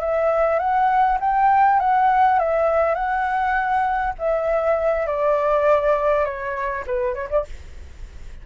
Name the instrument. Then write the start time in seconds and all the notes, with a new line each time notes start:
flute
0.00 E5
0.59 F#5
1.20 G5
1.79 F#5
2.39 E5
2.94 F#5
4.19 E5
5.06 D5
6.25 C#5
6.86 B4
7.14 C#5
7.29 D5